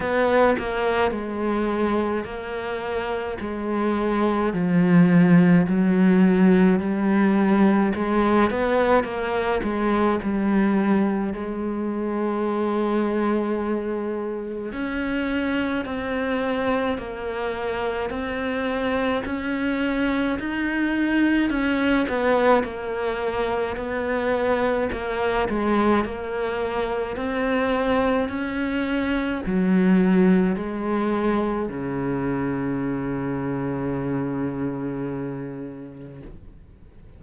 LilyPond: \new Staff \with { instrumentName = "cello" } { \time 4/4 \tempo 4 = 53 b8 ais8 gis4 ais4 gis4 | f4 fis4 g4 gis8 b8 | ais8 gis8 g4 gis2~ | gis4 cis'4 c'4 ais4 |
c'4 cis'4 dis'4 cis'8 b8 | ais4 b4 ais8 gis8 ais4 | c'4 cis'4 fis4 gis4 | cis1 | }